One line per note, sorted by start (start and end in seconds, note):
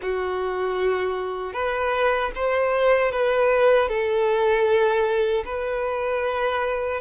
0.01 1.53 F#4
1.53 2.31 B4
2.35 3.11 C5
3.11 3.88 B4
3.88 5.44 A4
5.45 7.00 B4